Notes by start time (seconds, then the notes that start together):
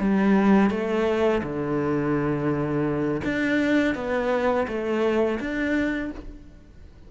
0.00 G3
0.70 A3
1.43 D3
3.24 D4
3.95 B3
4.68 A3
5.40 D4